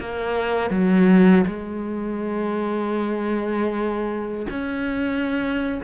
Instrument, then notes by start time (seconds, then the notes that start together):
cello
0.00 A#3
0.70 F#3
1.47 G#3
4.50 C#4